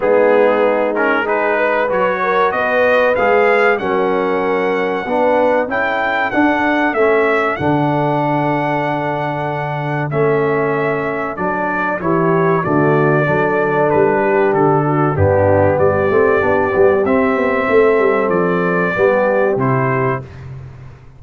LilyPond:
<<
  \new Staff \with { instrumentName = "trumpet" } { \time 4/4 \tempo 4 = 95 gis'4. ais'8 b'4 cis''4 | dis''4 f''4 fis''2~ | fis''4 g''4 fis''4 e''4 | fis''1 |
e''2 d''4 cis''4 | d''2 b'4 a'4 | g'4 d''2 e''4~ | e''4 d''2 c''4 | }
  \new Staff \with { instrumentName = "horn" } { \time 4/4 dis'2 gis'8 b'4 ais'8 | b'2 ais'2 | b'4 a'2.~ | a'1~ |
a'2. g'4 | fis'4 a'4. g'4 fis'8 | d'4 g'2. | a'2 g'2 | }
  \new Staff \with { instrumentName = "trombone" } { \time 4/4 b4. cis'8 dis'4 fis'4~ | fis'4 gis'4 cis'2 | d'4 e'4 d'4 cis'4 | d'1 |
cis'2 d'4 e'4 | a4 d'2. | b4. c'8 d'8 b8 c'4~ | c'2 b4 e'4 | }
  \new Staff \with { instrumentName = "tuba" } { \time 4/4 gis2. fis4 | b4 gis4 fis2 | b4 cis'4 d'4 a4 | d1 |
a2 fis4 e4 | d4 fis4 g4 d4 | g,4 g8 a8 b8 g8 c'8 b8 | a8 g8 f4 g4 c4 | }
>>